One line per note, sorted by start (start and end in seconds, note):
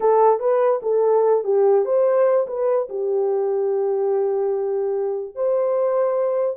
0.00 0.39 A4
0.39 0.80 B4
0.82 1.44 A4
1.44 1.85 G4
1.85 2.47 C5
2.47 2.88 B4
2.89 5.35 G4
5.35 6.57 C5